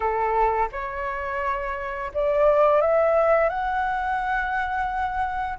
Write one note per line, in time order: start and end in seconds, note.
0.00 0.68 A4
0.72 2.11 C#5
2.13 2.81 D5
2.81 3.49 E5
3.49 5.58 F#5